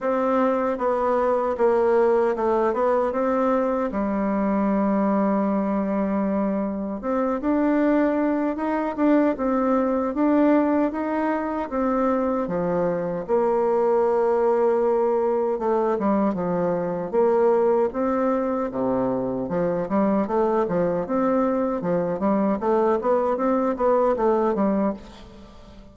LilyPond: \new Staff \with { instrumentName = "bassoon" } { \time 4/4 \tempo 4 = 77 c'4 b4 ais4 a8 b8 | c'4 g2.~ | g4 c'8 d'4. dis'8 d'8 | c'4 d'4 dis'4 c'4 |
f4 ais2. | a8 g8 f4 ais4 c'4 | c4 f8 g8 a8 f8 c'4 | f8 g8 a8 b8 c'8 b8 a8 g8 | }